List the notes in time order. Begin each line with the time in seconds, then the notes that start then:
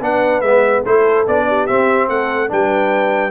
0.00 B3 D4 B4 F#5
0.41 G#3 B3 E5
0.82 A3 E4 A4 C5
1.27 B3 D4 D5
1.47 G4
1.66 C4 E5
2.08 A3 A4 F#5
2.47 G3 D4 B4 G5